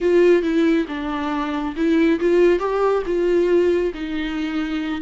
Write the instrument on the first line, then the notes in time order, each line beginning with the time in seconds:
viola
0.00 F4
0.42 E4
0.88 D4
1.76 E4
2.20 F4
2.59 G4
3.06 F4
3.94 D#4